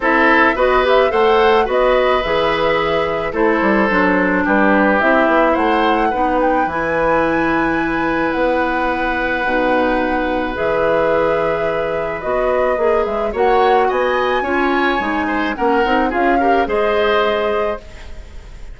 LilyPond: <<
  \new Staff \with { instrumentName = "flute" } { \time 4/4 \tempo 4 = 108 e''4 dis''8 e''8 fis''4 dis''4 | e''2 c''2 | b'4 e''4 fis''4. g''8 | gis''2. fis''4~ |
fis''2. e''4~ | e''2 dis''4. e''8 | fis''4 gis''2. | fis''4 f''4 dis''2 | }
  \new Staff \with { instrumentName = "oboe" } { \time 4/4 a'4 b'4 c''4 b'4~ | b'2 a'2 | g'2 c''4 b'4~ | b'1~ |
b'1~ | b'1 | cis''4 dis''4 cis''4. c''8 | ais'4 gis'8 ais'8 c''2 | }
  \new Staff \with { instrumentName = "clarinet" } { \time 4/4 e'4 fis'8 g'8 a'4 fis'4 | gis'2 e'4 d'4~ | d'4 e'2 dis'4 | e'1~ |
e'4 dis'2 gis'4~ | gis'2 fis'4 gis'4 | fis'2 f'4 dis'4 | cis'8 dis'8 f'8 g'8 gis'2 | }
  \new Staff \with { instrumentName = "bassoon" } { \time 4/4 c'4 b4 a4 b4 | e2 a8 g8 fis4 | g4 c'8 b8 a4 b4 | e2. b4~ |
b4 b,2 e4~ | e2 b4 ais8 gis8 | ais4 b4 cis'4 gis4 | ais8 c'8 cis'4 gis2 | }
>>